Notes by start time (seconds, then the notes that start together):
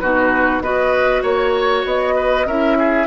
0.00 B2 D#4 F#4 B4
0.61 B3 F#4 B4 D#5
1.23 A#3 C#5
1.85 B3 D#5
2.16 B4
2.46 C#4 E4 A#4 E5
2.79 G#4